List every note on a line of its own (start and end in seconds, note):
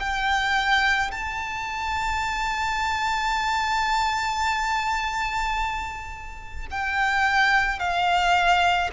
0.00 1.11 G5
1.12 6.67 A5
6.71 7.79 G5
7.79 8.90 F5